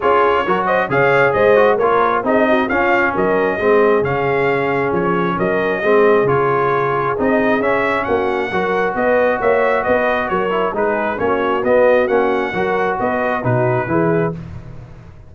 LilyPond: <<
  \new Staff \with { instrumentName = "trumpet" } { \time 4/4 \tempo 4 = 134 cis''4. dis''8 f''4 dis''4 | cis''4 dis''4 f''4 dis''4~ | dis''4 f''2 cis''4 | dis''2 cis''2 |
dis''4 e''4 fis''2 | dis''4 e''4 dis''4 cis''4 | b'4 cis''4 dis''4 fis''4~ | fis''4 dis''4 b'2 | }
  \new Staff \with { instrumentName = "horn" } { \time 4/4 gis'4 ais'8 c''8 cis''4 c''4 | ais'4 gis'8 fis'8 f'4 ais'4 | gis'1 | ais'4 gis'2.~ |
gis'2 fis'4 ais'4 | b'4 cis''4 b'4 ais'4 | gis'4 fis'2. | ais'4 b'4 fis'4 gis'4 | }
  \new Staff \with { instrumentName = "trombone" } { \time 4/4 f'4 fis'4 gis'4. fis'8 | f'4 dis'4 cis'2 | c'4 cis'2.~ | cis'4 c'4 f'2 |
dis'4 cis'2 fis'4~ | fis'2.~ fis'8 e'8 | dis'4 cis'4 b4 cis'4 | fis'2 dis'4 e'4 | }
  \new Staff \with { instrumentName = "tuba" } { \time 4/4 cis'4 fis4 cis4 gis4 | ais4 c'4 cis'4 fis4 | gis4 cis2 f4 | fis4 gis4 cis2 |
c'4 cis'4 ais4 fis4 | b4 ais4 b4 fis4 | gis4 ais4 b4 ais4 | fis4 b4 b,4 e4 | }
>>